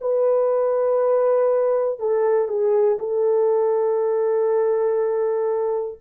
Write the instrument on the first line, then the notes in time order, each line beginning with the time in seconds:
horn
0.00 B4
1.99 A4
2.48 G#4
2.99 A4